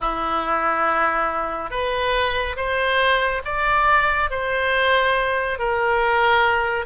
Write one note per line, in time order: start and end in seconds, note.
0.00 1.70 E4
1.70 2.56 B4
2.56 3.42 C5
3.44 4.30 D5
4.30 5.58 C5
5.59 6.85 A#4